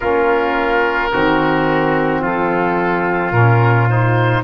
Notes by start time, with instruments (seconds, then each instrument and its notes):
0.00 tuba A#3, saxophone C#4, trumpet F4, oboe A#4
1.11 tuba D#3, saxophone C4, trumpet F#4
2.20 tuba F3, trumpet F4, oboe A4
3.31 tuba A#2, saxophone C#4, oboe A#4
3.88 saxophone D#4, oboe C5